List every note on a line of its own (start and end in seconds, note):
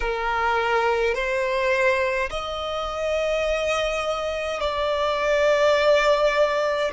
0.00 1.14 A#4
1.14 2.29 C5
2.30 4.60 D#5
4.60 6.91 D5